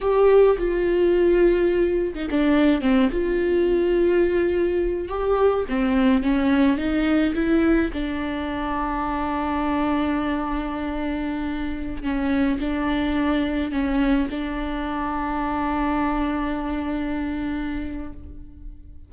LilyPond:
\new Staff \with { instrumentName = "viola" } { \time 4/4 \tempo 4 = 106 g'4 f'2~ f'8. dis'16 | d'4 c'8 f'2~ f'8~ | f'4 g'4 c'4 cis'4 | dis'4 e'4 d'2~ |
d'1~ | d'4~ d'16 cis'4 d'4.~ d'16~ | d'16 cis'4 d'2~ d'8.~ | d'1 | }